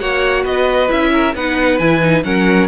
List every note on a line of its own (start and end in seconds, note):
0.00 0.45 A#3
0.00 0.88 F#4
0.00 0.43 C#5
0.00 0.44 F#5
0.43 0.89 B3
0.43 1.10 B4
0.43 0.90 D#5
0.88 1.35 C#4
0.88 1.33 E4
0.88 1.35 E5
1.13 1.35 A#4
1.35 1.79 B3
1.35 1.80 D#4
1.35 2.24 B4
1.35 1.79 F#5
1.79 2.24 E3
1.79 2.02 E4
1.79 2.23 G#5
2.02 2.24 D#4
2.24 2.68 F#3
2.24 2.68 C#4
2.24 2.68 A#4
2.24 2.68 F#5